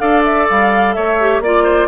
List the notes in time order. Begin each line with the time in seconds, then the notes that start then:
0.00 D4 A4 D5 F5
0.25 E5
0.50 G3 F5
0.94 A3 C#5 E5
1.20 G4
1.40 A#3 F4 D5
1.64 C5